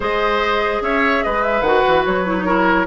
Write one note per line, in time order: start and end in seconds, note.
0.00 0.80 G#3
0.00 1.61 G#4
0.00 0.82 C5
0.00 0.83 D#5
0.81 1.22 C#4
0.81 1.24 C#5
0.81 1.23 E5
1.23 1.61 G#3
1.23 2.45 B4
1.23 1.43 D#5
1.43 1.62 E5
1.61 1.81 D#3
1.61 2.26 F#4
1.61 2.03 F#5
1.87 2.06 E3
2.05 2.86 F#3
2.05 2.86 C#5
2.26 2.36 E4
2.37 2.47 D#4
2.45 2.86 E4
2.45 2.86 A#4